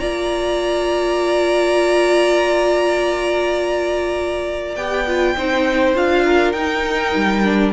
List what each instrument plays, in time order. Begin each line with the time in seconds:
0.00 cello A#3, viola F4, violin D5 A#5
4.76 cello B3, viola G4, violin G5
5.07 viola F4
5.37 cello C4, viola D#4, violin C5
5.95 cello D4, viola F4, violin F5
6.25 violin A#4
6.52 cello D#4, viola D#4, violin G5
7.16 cello G3
7.44 viola D4